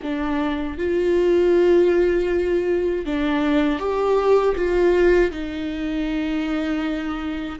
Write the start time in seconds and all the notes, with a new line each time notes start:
0.02 D4
0.78 F4
3.05 D4
3.79 G4
4.55 F4
5.31 D#4